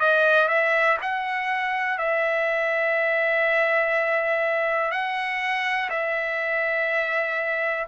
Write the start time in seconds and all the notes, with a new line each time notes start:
0.00 D#5
0.49 E5
1.02 F#5
1.99 E5
4.92 F#5
5.91 E5